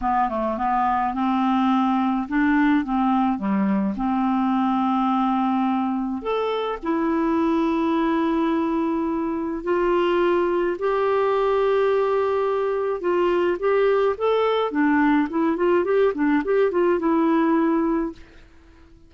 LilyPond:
\new Staff \with { instrumentName = "clarinet" } { \time 4/4 \tempo 4 = 106 b8 a8 b4 c'2 | d'4 c'4 g4 c'4~ | c'2. a'4 | e'1~ |
e'4 f'2 g'4~ | g'2. f'4 | g'4 a'4 d'4 e'8 f'8 | g'8 d'8 g'8 f'8 e'2 | }